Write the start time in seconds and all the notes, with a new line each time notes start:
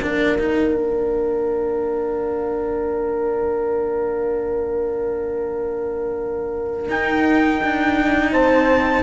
0.00 A#3 D4 A#4 F5
0.39 D#4
0.75 D4
6.88 D#4 G5
7.62 D4
8.32 C4 C5 A5